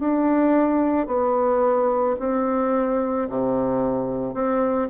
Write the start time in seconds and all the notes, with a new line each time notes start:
0.00 D4
1.07 B3
2.20 C4
3.30 C3
4.34 C4